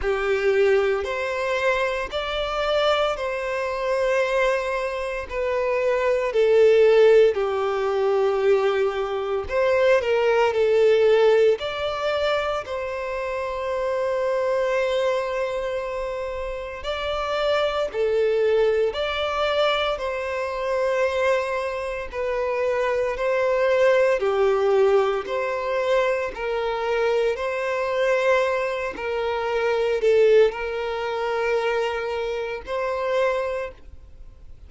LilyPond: \new Staff \with { instrumentName = "violin" } { \time 4/4 \tempo 4 = 57 g'4 c''4 d''4 c''4~ | c''4 b'4 a'4 g'4~ | g'4 c''8 ais'8 a'4 d''4 | c''1 |
d''4 a'4 d''4 c''4~ | c''4 b'4 c''4 g'4 | c''4 ais'4 c''4. ais'8~ | ais'8 a'8 ais'2 c''4 | }